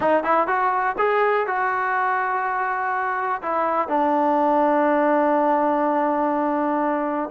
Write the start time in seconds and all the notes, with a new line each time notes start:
0.00 D#4
0.23 E4
0.47 F#4
0.98 G#4
1.46 F#4
3.41 E4
3.88 D4